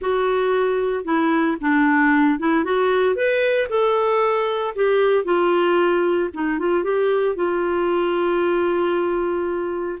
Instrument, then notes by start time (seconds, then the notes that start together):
clarinet
0.01 F#4
1.04 E4
1.61 D4
2.39 E4
2.64 F#4
3.15 B4
3.69 A4
4.75 G4
5.24 F4
6.33 D#4
6.58 F4
6.83 G4
7.35 F4